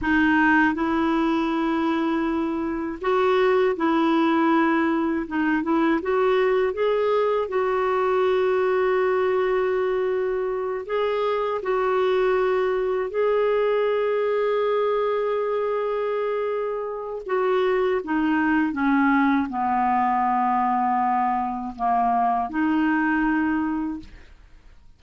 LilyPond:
\new Staff \with { instrumentName = "clarinet" } { \time 4/4 \tempo 4 = 80 dis'4 e'2. | fis'4 e'2 dis'8 e'8 | fis'4 gis'4 fis'2~ | fis'2~ fis'8 gis'4 fis'8~ |
fis'4. gis'2~ gis'8~ | gis'2. fis'4 | dis'4 cis'4 b2~ | b4 ais4 dis'2 | }